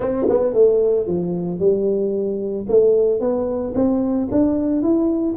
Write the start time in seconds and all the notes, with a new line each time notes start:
0.00 C4
0.29 B3
0.53 A3
1.06 F3
1.59 G3
2.68 A3
3.20 B3
3.74 C4
4.31 D4
4.82 E4